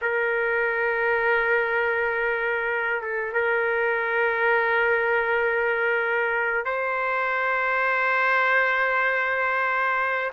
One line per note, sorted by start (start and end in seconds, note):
0.01 3.01 A#4
3.01 3.33 A4
3.33 6.65 A#4
6.65 10.32 C5